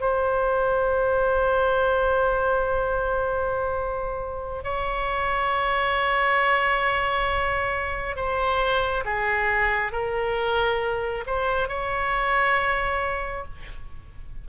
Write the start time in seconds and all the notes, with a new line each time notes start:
0.00 C5
4.63 C#5
8.16 C5
9.04 G#4
9.92 A#4
11.26 C5
11.68 C#5